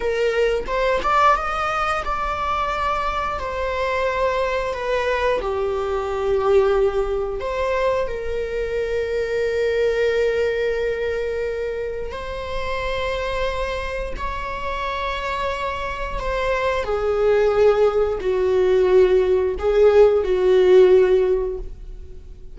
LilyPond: \new Staff \with { instrumentName = "viola" } { \time 4/4 \tempo 4 = 89 ais'4 c''8 d''8 dis''4 d''4~ | d''4 c''2 b'4 | g'2. c''4 | ais'1~ |
ais'2 c''2~ | c''4 cis''2. | c''4 gis'2 fis'4~ | fis'4 gis'4 fis'2 | }